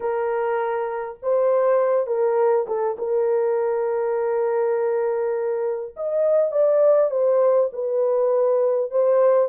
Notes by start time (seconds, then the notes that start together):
0.00 A#4
1.22 C5
2.06 A#4
2.67 A4
2.98 A#4
5.96 D#5
6.51 D5
7.10 C5
7.72 B4
8.90 C5